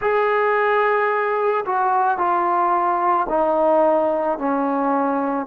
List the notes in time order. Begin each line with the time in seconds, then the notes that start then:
0.01 G#4
1.65 F#4
2.18 F4
3.29 D#4
4.38 C#4